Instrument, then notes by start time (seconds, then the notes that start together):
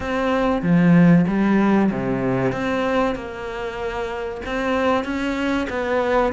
cello
0.00 C4
0.62 F3
1.27 G3
1.91 C3
2.51 C4
3.15 A#3
4.45 C4
5.04 C#4
5.69 B3